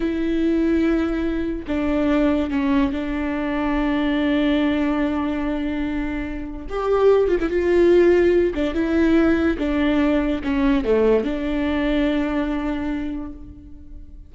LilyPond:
\new Staff \with { instrumentName = "viola" } { \time 4/4 \tempo 4 = 144 e'1 | d'2 cis'4 d'4~ | d'1~ | d'1 |
g'4. f'16 e'16 f'2~ | f'8 d'8 e'2 d'4~ | d'4 cis'4 a4 d'4~ | d'1 | }